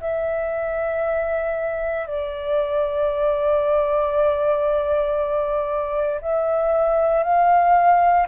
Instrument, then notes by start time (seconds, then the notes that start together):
flute
0.00 E5
2.07 D5
6.21 E5
7.23 F5